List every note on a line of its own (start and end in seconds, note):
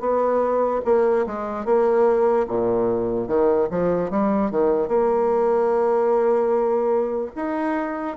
0.00 0.81 B3
0.85 1.26 A#3
1.26 1.65 G#3
1.65 2.46 A#3
2.48 3.28 A#2
3.28 3.68 D#3
3.70 4.10 F3
4.10 4.51 G3
4.51 4.88 D#3
4.88 7.32 A#3
7.36 8.17 D#4